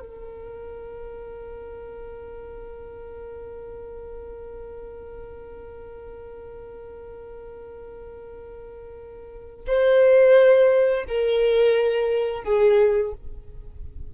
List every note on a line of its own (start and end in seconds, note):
0.00 9.66 A#4
9.67 11.05 C5
11.08 12.44 A#4
12.44 13.13 G#4